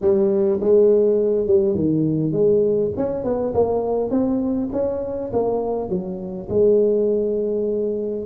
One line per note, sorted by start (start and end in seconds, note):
0.01 0.60 G3
0.60 1.46 G#3
1.46 1.74 G3
1.74 2.32 D#3
2.32 2.91 G#3
2.96 3.24 C#4
3.24 3.53 B3
3.54 4.10 A#3
4.10 4.69 C4
4.72 5.31 C#4
5.32 5.89 A#3
5.89 6.47 F#3
6.49 8.25 G#3